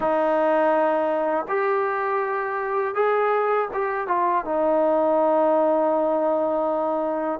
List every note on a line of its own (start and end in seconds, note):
0.00 1.46 D#4
1.48 2.95 G4
2.95 3.68 G#4
3.73 4.07 G4
4.07 4.44 F4
4.44 7.39 D#4